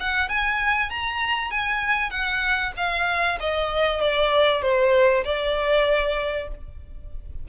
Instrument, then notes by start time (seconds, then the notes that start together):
violin
0.00 F#5
0.29 G#5
0.90 A#5
1.51 G#5
2.10 F#5
2.77 F5
3.40 D#5
4.01 D5
4.62 C5
5.24 D5